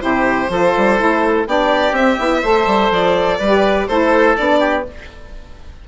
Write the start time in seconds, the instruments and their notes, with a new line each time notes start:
0.00 bassoon C3, saxophone E4, oboe G4, violin C5
0.50 bassoon F3, saxophone F4, oboe A4
0.78 bassoon G3
0.97 bassoon A3, saxophone E4
1.47 bassoon B3, saxophone D4, oboe G4, violin D5
1.93 bassoon C4, saxophone C4, violin E5
2.20 bassoon B3, saxophone E4
2.42 bassoon A3, saxophone A4, oboe C5
2.67 bassoon G3
2.91 bassoon F3, violin D5
3.39 bassoon G3, oboe B4
3.46 saxophone G4
3.88 bassoon A3, saxophone E4, oboe A4, violin C5
4.37 bassoon B3, saxophone D4, violin D5
4.60 oboe G4